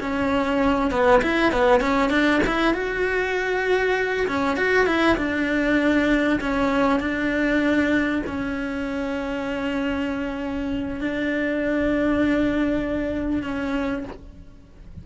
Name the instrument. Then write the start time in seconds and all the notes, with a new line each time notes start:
cello
0.00 C#4
0.91 B3
1.22 E4
1.52 B3
1.80 C#4
2.10 D4
2.46 E4
2.74 F#4
4.27 C#4
4.56 F#4
4.86 E4
5.17 D4
6.41 C#4
7.00 D4
8.26 C#4
11.00 D4
13.43 C#4